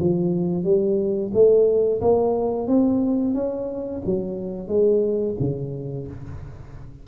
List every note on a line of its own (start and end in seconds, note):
0.00 0.64 F3
0.64 1.31 G3
1.34 2.01 A3
2.01 2.68 A#3
2.68 3.34 C4
3.34 4.02 C#4
4.06 4.68 F#3
4.68 5.35 G#3
5.40 6.07 C#3